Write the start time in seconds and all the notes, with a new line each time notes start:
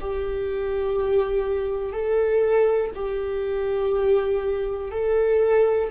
0.00 G4
1.92 A4
2.94 G4
4.91 A4